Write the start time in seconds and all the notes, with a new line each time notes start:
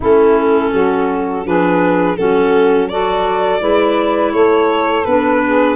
0.00 A3 C#4 E4 A4
0.73 F#3 F#4
1.44 F3 D4 G#4 B4
2.16 F#3 C#4 F#4 A4
2.88 F#4 A4 D5
3.59 G#3 E4 B4
4.32 A3 A4 C#5
5.05 B3 D4 B4
5.44 G#4